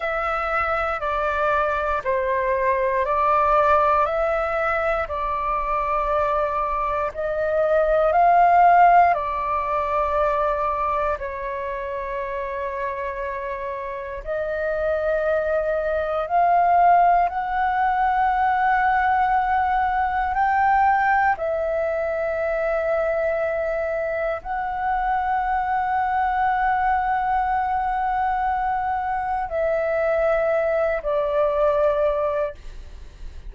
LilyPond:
\new Staff \with { instrumentName = "flute" } { \time 4/4 \tempo 4 = 59 e''4 d''4 c''4 d''4 | e''4 d''2 dis''4 | f''4 d''2 cis''4~ | cis''2 dis''2 |
f''4 fis''2. | g''4 e''2. | fis''1~ | fis''4 e''4. d''4. | }